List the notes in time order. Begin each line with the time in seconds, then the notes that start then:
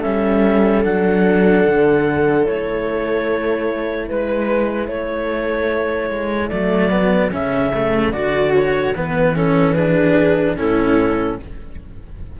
0.00 G3 C#4 A4 E5
0.83 F#3 D4 F#5
1.66 D3
2.44 A3 E4 C#5
4.08 G#3 B4
4.87 A3 A4 C#5
6.10 G#3
6.49 F#3 A3 D5
6.90 B3
7.31 C#3 C#4 E5
7.74 A3
8.12 D3 F#4 D5
8.54 C#5
8.94 E3 B3 B4
9.36 C#4 A4
9.74 D4 G#4 B4
10.56 A2 C#4 E4 A4